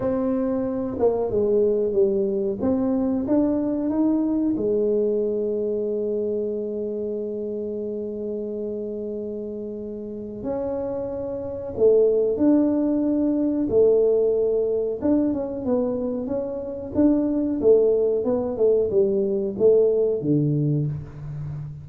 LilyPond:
\new Staff \with { instrumentName = "tuba" } { \time 4/4 \tempo 4 = 92 c'4. ais8 gis4 g4 | c'4 d'4 dis'4 gis4~ | gis1~ | gis1 |
cis'2 a4 d'4~ | d'4 a2 d'8 cis'8 | b4 cis'4 d'4 a4 | b8 a8 g4 a4 d4 | }